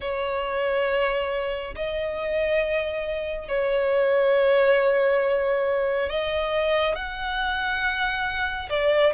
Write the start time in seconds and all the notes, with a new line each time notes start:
0.00 C#5
1.75 D#5
3.48 C#5
6.09 D#5
6.95 F#5
8.69 D5